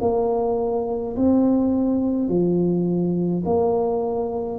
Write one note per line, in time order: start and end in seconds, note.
0.00 1.15 A#3
1.16 2.28 C4
2.28 3.44 F3
3.45 4.59 A#3